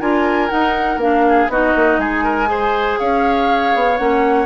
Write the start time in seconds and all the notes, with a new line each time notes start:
0.00 D4 F4 A#4 G#5
0.49 D#4 F#5
0.97 A#3 D4 F5
1.28 G#4
1.48 B3 D#4 F#4 D#5
1.75 A#3
1.98 G#3 G#4 G#5
2.24 A#4
2.46 G#4 C5
2.99 C#4 C#5 F5
3.74 B3
3.97 A#3 C#4 F#5